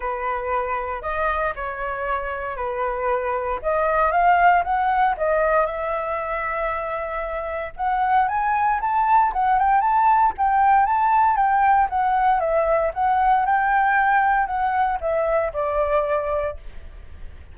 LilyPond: \new Staff \with { instrumentName = "flute" } { \time 4/4 \tempo 4 = 116 b'2 dis''4 cis''4~ | cis''4 b'2 dis''4 | f''4 fis''4 dis''4 e''4~ | e''2. fis''4 |
gis''4 a''4 fis''8 g''8 a''4 | g''4 a''4 g''4 fis''4 | e''4 fis''4 g''2 | fis''4 e''4 d''2 | }